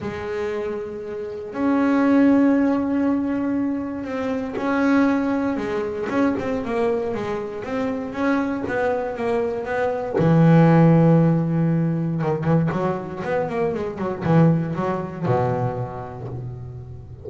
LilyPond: \new Staff \with { instrumentName = "double bass" } { \time 4/4 \tempo 4 = 118 gis2. cis'4~ | cis'1 | c'4 cis'2 gis4 | cis'8 c'8 ais4 gis4 c'4 |
cis'4 b4 ais4 b4 | e1 | dis8 e8 fis4 b8 ais8 gis8 fis8 | e4 fis4 b,2 | }